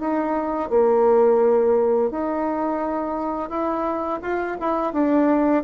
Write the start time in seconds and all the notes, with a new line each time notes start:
0.00 D#4
0.70 A#3
2.10 D#4
3.49 E4
4.22 F4
4.60 E4
4.93 D4